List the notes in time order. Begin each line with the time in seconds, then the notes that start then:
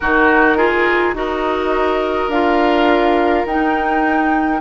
0.00 D#3 D#4 F#4 A#4
0.57 F4 G#4
1.13 D#4 F#4 A#4 D#5
2.28 D4 F4 F5
3.45 D#4 G5